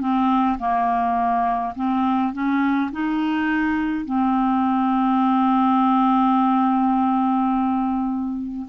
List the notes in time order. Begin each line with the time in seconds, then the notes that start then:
0.00 C4
0.59 A#3
1.75 C4
2.33 C#4
2.92 D#4
4.05 C4